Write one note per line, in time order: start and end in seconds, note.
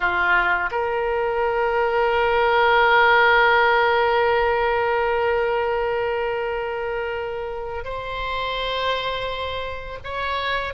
0.00 0.69 F4
0.71 7.84 A#4
7.84 9.98 C5
10.04 10.73 C#5